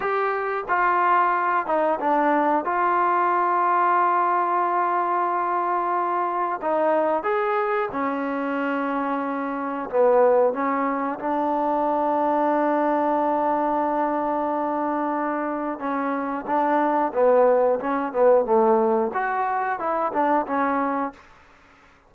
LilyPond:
\new Staff \with { instrumentName = "trombone" } { \time 4/4 \tempo 4 = 91 g'4 f'4. dis'8 d'4 | f'1~ | f'2 dis'4 gis'4 | cis'2. b4 |
cis'4 d'2.~ | d'1 | cis'4 d'4 b4 cis'8 b8 | a4 fis'4 e'8 d'8 cis'4 | }